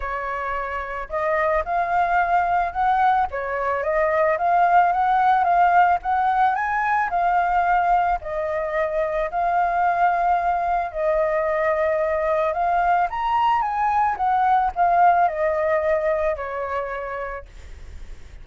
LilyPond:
\new Staff \with { instrumentName = "flute" } { \time 4/4 \tempo 4 = 110 cis''2 dis''4 f''4~ | f''4 fis''4 cis''4 dis''4 | f''4 fis''4 f''4 fis''4 | gis''4 f''2 dis''4~ |
dis''4 f''2. | dis''2. f''4 | ais''4 gis''4 fis''4 f''4 | dis''2 cis''2 | }